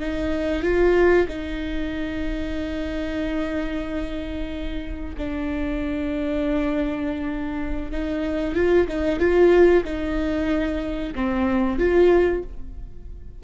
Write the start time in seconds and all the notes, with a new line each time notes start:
0.00 D#4
0.62 F4
1.28 D#4
5.18 D4
7.91 D#4
8.55 F4
8.88 D#4
9.19 F4
9.84 D#4
11.15 C4
11.79 F4